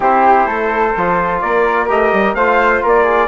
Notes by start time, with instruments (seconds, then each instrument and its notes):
0.00 bassoon C4, trombone E4, flute G4, trumpet C5
0.46 bassoon A3, flute A4
0.96 bassoon F3, trombone F4
1.41 bassoon A#3, flute A#4, trumpet D5
1.88 bassoon A3, trombone G4, trumpet D#5
2.12 bassoon G3
2.34 bassoon A3, trombone F4, flute C5, trumpet F5
2.82 bassoon A#3, flute A#4, trumpet D5
3.03 flute G#4